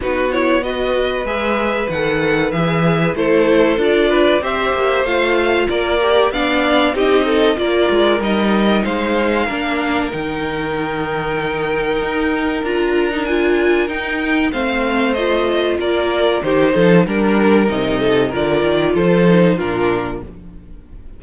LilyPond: <<
  \new Staff \with { instrumentName = "violin" } { \time 4/4 \tempo 4 = 95 b'8 cis''8 dis''4 e''4 fis''4 | e''4 c''4 d''4 e''4 | f''4 d''4 f''4 dis''4 | d''4 dis''4 f''2 |
g''1 | ais''4 gis''4 g''4 f''4 | dis''4 d''4 c''4 ais'4 | dis''4 d''4 c''4 ais'4 | }
  \new Staff \with { instrumentName = "violin" } { \time 4/4 fis'4 b'2.~ | b'4 a'4. b'8 c''4~ | c''4 ais'4 d''4 g'8 a'8 | ais'2 c''4 ais'4~ |
ais'1~ | ais'2. c''4~ | c''4 ais'4 g'8 a'8 ais'4~ | ais'8 a'8 ais'4 a'4 f'4 | }
  \new Staff \with { instrumentName = "viola" } { \time 4/4 dis'8 e'8 fis'4 gis'4 a'4 | gis'4 e'4 f'4 g'4 | f'4. g'8 d'4 dis'4 | f'4 dis'2 d'4 |
dis'1 | f'8. dis'16 f'4 dis'4 c'4 | f'2 dis'4 d'4 | dis'4 f'4. dis'8 d'4 | }
  \new Staff \with { instrumentName = "cello" } { \time 4/4 b2 gis4 dis4 | e4 a4 d'4 c'8 ais8 | a4 ais4 b4 c'4 | ais8 gis8 g4 gis4 ais4 |
dis2. dis'4 | d'2 dis'4 a4~ | a4 ais4 dis8 f8 g4 | c4 d8 dis8 f4 ais,4 | }
>>